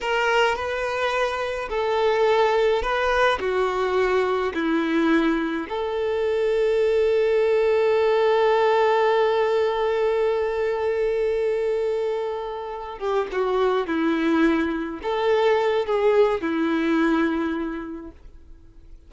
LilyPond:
\new Staff \with { instrumentName = "violin" } { \time 4/4 \tempo 4 = 106 ais'4 b'2 a'4~ | a'4 b'4 fis'2 | e'2 a'2~ | a'1~ |
a'1~ | a'2. g'8 fis'8~ | fis'8 e'2 a'4. | gis'4 e'2. | }